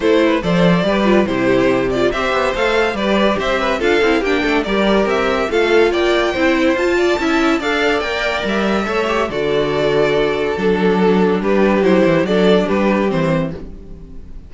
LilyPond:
<<
  \new Staff \with { instrumentName = "violin" } { \time 4/4 \tempo 4 = 142 c''4 d''2 c''4~ | c''8 d''8 e''4 f''4 d''4 | e''4 f''4 g''4 d''4 | e''4 f''4 g''2 |
a''2 f''4 g''4 | e''2 d''2~ | d''4 a'2 b'4 | c''4 d''4 b'4 c''4 | }
  \new Staff \with { instrumentName = "violin" } { \time 4/4 a'8 b'8 c''4 b'4 g'4~ | g'4 c''2 b'4 | c''8 b'8 a'4 g'8 a'8 ais'4~ | ais'4 a'4 d''4 c''4~ |
c''8 d''8 e''4 d''2~ | d''4 cis''4 a'2~ | a'2. g'4~ | g'4 a'4 g'2 | }
  \new Staff \with { instrumentName = "viola" } { \time 4/4 e'4 a'4 g'8 f'8 e'4~ | e'8 f'8 g'4 a'4 g'4~ | g'4 f'8 e'8 d'4 g'4~ | g'4 f'2 e'4 |
f'4 e'4 a'4 ais'4~ | ais'4 a'8 g'8 fis'2~ | fis'4 d'2. | e'4 d'2 c'4 | }
  \new Staff \with { instrumentName = "cello" } { \time 4/4 a4 f4 g4 c4~ | c4 c'8 b8 a4 g4 | c'4 d'8 c'8 ais8 a8 g4 | c'4 a4 ais4 c'4 |
f'4 cis'4 d'4 ais4 | g4 a4 d2~ | d4 fis2 g4 | fis8 e8 fis4 g4 e4 | }
>>